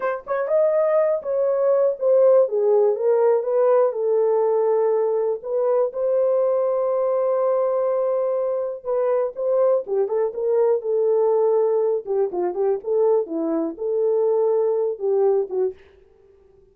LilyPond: \new Staff \with { instrumentName = "horn" } { \time 4/4 \tempo 4 = 122 c''8 cis''8 dis''4. cis''4. | c''4 gis'4 ais'4 b'4 | a'2. b'4 | c''1~ |
c''2 b'4 c''4 | g'8 a'8 ais'4 a'2~ | a'8 g'8 f'8 g'8 a'4 e'4 | a'2~ a'8 g'4 fis'8 | }